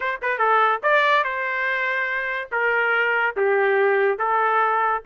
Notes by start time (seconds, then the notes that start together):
0.00 C5
0.22 B4
0.38 A4
0.82 D5
1.23 C5
2.51 A#4
3.36 G4
4.18 A4